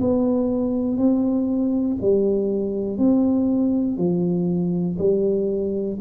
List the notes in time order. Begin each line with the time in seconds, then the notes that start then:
0.00 B3
0.98 C4
2.02 G3
2.98 C4
3.97 F3
4.98 G3